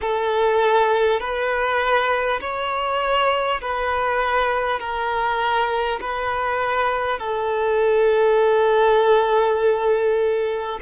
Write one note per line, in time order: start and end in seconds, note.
0.01 1.19 A4
1.19 2.39 B4
2.41 3.61 C#5
3.61 4.79 B4
4.79 5.99 A#4
6.01 7.19 B4
7.19 10.79 A4